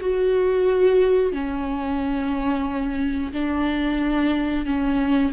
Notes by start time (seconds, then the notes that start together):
0.00 F#4
1.32 C#4
3.33 D4
4.65 C#4